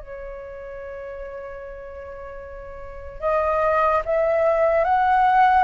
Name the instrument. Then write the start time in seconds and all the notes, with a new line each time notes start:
flute
0.00 C#5
3.20 D#5
4.05 E5
4.84 F#5